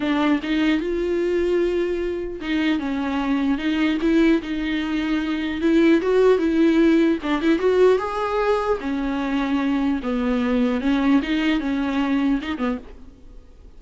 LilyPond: \new Staff \with { instrumentName = "viola" } { \time 4/4 \tempo 4 = 150 d'4 dis'4 f'2~ | f'2 dis'4 cis'4~ | cis'4 dis'4 e'4 dis'4~ | dis'2 e'4 fis'4 |
e'2 d'8 e'8 fis'4 | gis'2 cis'2~ | cis'4 b2 cis'4 | dis'4 cis'2 dis'8 b8 | }